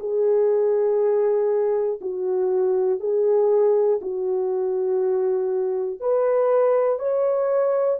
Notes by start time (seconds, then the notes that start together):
0.00 G#4
2.01 F#4
3.00 G#4
4.01 F#4
6.00 B4
6.99 C#5